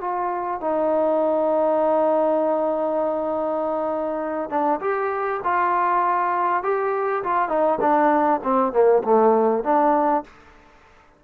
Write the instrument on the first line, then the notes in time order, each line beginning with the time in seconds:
trombone
0.00 F4
0.60 D#4
4.49 D4
4.80 G4
5.43 F4
6.63 G4
7.23 F4
7.48 D#4
7.80 D4
8.43 C4
8.72 A#3
9.04 A3
9.64 D4